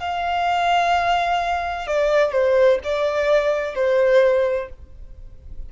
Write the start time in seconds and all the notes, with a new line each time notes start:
0.00 F5
1.87 D5
2.33 C5
2.84 D5
3.75 C5